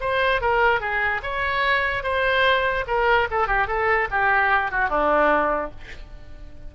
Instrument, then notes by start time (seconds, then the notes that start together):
oboe
0.00 C5
0.41 A#4
0.80 G#4
1.23 C#5
2.03 C5
2.87 A#4
3.31 A4
3.47 G4
3.67 A4
4.11 G4
4.71 F#4
4.89 D4